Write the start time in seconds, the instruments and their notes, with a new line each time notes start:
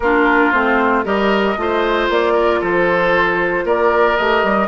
0.00 bassoon A#3, clarinet D4, oboe F4, flute A#4
0.51 bassoon A3, clarinet C4, flute C5
1.04 bassoon G3, clarinet G4, oboe A#4, flute D#5
1.56 bassoon A3, clarinet F4, oboe C5
2.09 bassoon A#3, flute D5
2.33 oboe A#4
2.60 bassoon F3, oboe A4, flute C5
3.64 bassoon A#3, oboe A#4, flute D5
4.16 bassoon A3, clarinet G4, flute D#5
4.43 bassoon G3